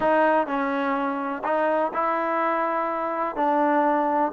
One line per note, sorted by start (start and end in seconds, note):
0.00 0.46 D#4
0.46 1.42 C#4
1.44 1.92 D#4
1.93 3.36 E4
3.36 4.32 D4